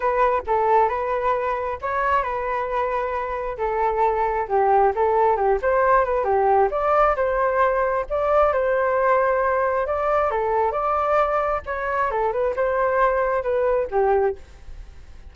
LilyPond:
\new Staff \with { instrumentName = "flute" } { \time 4/4 \tempo 4 = 134 b'4 a'4 b'2 | cis''4 b'2. | a'2 g'4 a'4 | g'8 c''4 b'8 g'4 d''4 |
c''2 d''4 c''4~ | c''2 d''4 a'4 | d''2 cis''4 a'8 b'8 | c''2 b'4 g'4 | }